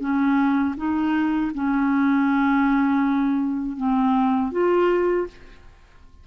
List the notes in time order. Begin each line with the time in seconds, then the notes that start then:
0.00 C#4
0.77 D#4
1.55 C#4
3.77 C4
4.52 F4